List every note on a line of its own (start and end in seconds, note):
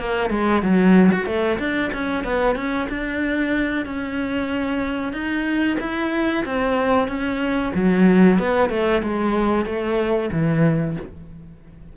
0.00 0.30 A#3
0.30 0.63 G#3
0.63 1.11 F#3
1.12 1.26 F#4
1.26 1.59 A3
1.59 1.91 D4
1.94 2.24 C#4
2.24 2.56 B3
2.56 2.88 C#4
2.90 3.86 D4
3.86 5.13 C#4
5.13 5.77 D#4
5.80 6.45 E4
6.45 7.08 C4
7.08 7.73 C#4
7.75 8.39 F#3
8.39 8.70 B3
8.70 9.02 A3
9.03 9.66 G#3
9.66 10.30 A3
10.32 10.97 E3